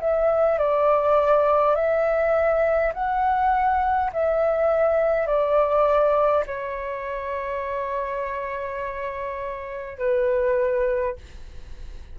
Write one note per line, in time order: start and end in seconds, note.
0.00 0.58 E5
0.58 1.75 D5
1.75 2.93 E5
2.94 4.11 F#5
4.13 5.27 E5
5.27 6.44 D5
6.47 9.98 C#5
9.98 11.16 B4